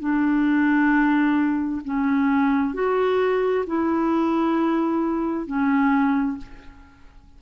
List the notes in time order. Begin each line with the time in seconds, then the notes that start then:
0.00 D4
1.85 C#4
2.74 F#4
3.67 E4
5.47 C#4